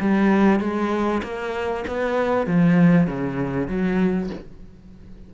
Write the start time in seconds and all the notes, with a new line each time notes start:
0.00 G3
0.60 G#3
1.23 A#3
1.87 B3
2.46 F3
3.07 C#3
3.67 F#3